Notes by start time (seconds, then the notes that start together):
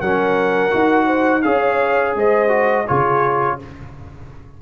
0.00 F#3 C#4 A#4 F#5
0.71 D#4 F#4
1.06 C5
1.42 C#4 G#4 C#5 F5
2.15 G#3 C5 D#5
2.48 F#4
2.85 C#3 F4 G#4 C#5